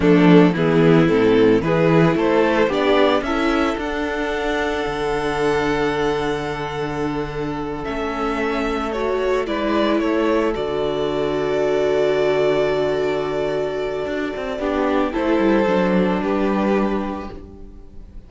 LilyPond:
<<
  \new Staff \with { instrumentName = "violin" } { \time 4/4 \tempo 4 = 111 a'4 gis'4 a'4 b'4 | c''4 d''4 e''4 fis''4~ | fis''1~ | fis''2~ fis''8 e''4.~ |
e''8 cis''4 d''4 cis''4 d''8~ | d''1~ | d''1 | c''2 b'2 | }
  \new Staff \with { instrumentName = "violin" } { \time 4/4 d'4 e'2 gis'4 | a'4 g'4 a'2~ | a'1~ | a'1~ |
a'4. b'4 a'4.~ | a'1~ | a'2. g'4 | a'2 g'2 | }
  \new Staff \with { instrumentName = "viola" } { \time 4/4 a4 b4 c'4 e'4~ | e'4 d'4 e'4 d'4~ | d'1~ | d'2~ d'8 cis'4.~ |
cis'8 fis'4 e'2 fis'8~ | fis'1~ | fis'2. d'4 | e'4 d'2. | }
  \new Staff \with { instrumentName = "cello" } { \time 4/4 f4 e4 a,4 e4 | a4 b4 cis'4 d'4~ | d'4 d2.~ | d2~ d8 a4.~ |
a4. gis4 a4 d8~ | d1~ | d2 d'8 c'8 b4 | a8 g8 fis4 g2 | }
>>